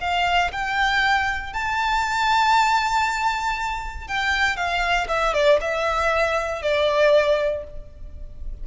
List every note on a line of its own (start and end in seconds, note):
0.00 0.51 F5
0.52 1.53 G5
1.53 4.07 A5
4.07 4.56 G5
4.56 5.07 F5
5.08 5.33 E5
5.33 5.59 D5
5.60 6.62 E5
6.62 7.63 D5